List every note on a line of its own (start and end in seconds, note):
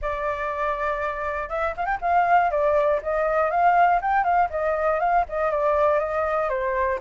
0.01 1.49 D5
1.49 1.74 E5
1.76 1.85 F5
1.85 1.98 G5
2.01 2.50 F5
2.50 3.00 D5
3.02 3.50 D#5
3.50 4.00 F5
4.01 4.24 G5
4.24 4.49 F5
4.50 4.99 D#5
4.99 5.24 F5
5.28 5.50 D#5
5.50 5.99 D5
5.99 6.49 D#5
6.49 6.99 C5